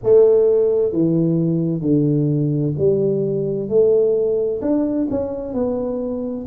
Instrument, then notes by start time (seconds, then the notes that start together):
tuba
0.03 A3
0.92 E3
1.81 D3
2.77 G3
3.68 A3
4.61 D4
5.10 C#4
5.53 B3